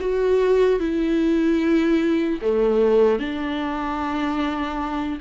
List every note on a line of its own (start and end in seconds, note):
0.00 0.80 F#4
0.80 2.40 E4
2.42 3.19 A3
3.19 5.19 D4